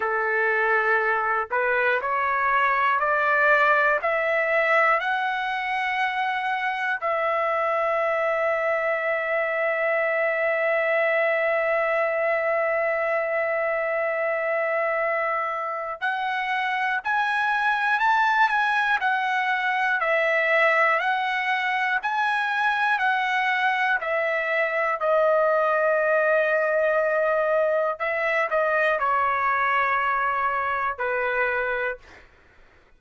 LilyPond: \new Staff \with { instrumentName = "trumpet" } { \time 4/4 \tempo 4 = 60 a'4. b'8 cis''4 d''4 | e''4 fis''2 e''4~ | e''1~ | e''1 |
fis''4 gis''4 a''8 gis''8 fis''4 | e''4 fis''4 gis''4 fis''4 | e''4 dis''2. | e''8 dis''8 cis''2 b'4 | }